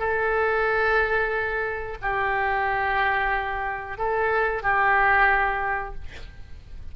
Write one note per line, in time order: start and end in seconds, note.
0.00 1.98 A4
2.02 3.98 G4
3.98 4.63 A4
4.63 5.95 G4